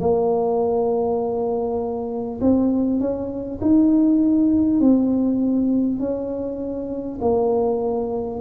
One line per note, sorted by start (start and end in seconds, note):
0.00 2.40 A#3
2.41 3.00 C4
3.00 3.60 C#4
3.61 4.81 D#4
4.81 5.99 C4
5.99 7.19 C#4
7.21 8.41 A#3